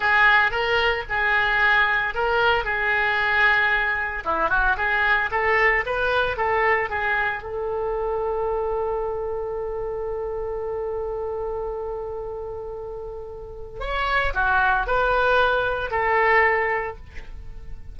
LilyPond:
\new Staff \with { instrumentName = "oboe" } { \time 4/4 \tempo 4 = 113 gis'4 ais'4 gis'2 | ais'4 gis'2. | e'8 fis'8 gis'4 a'4 b'4 | a'4 gis'4 a'2~ |
a'1~ | a'1~ | a'2 cis''4 fis'4 | b'2 a'2 | }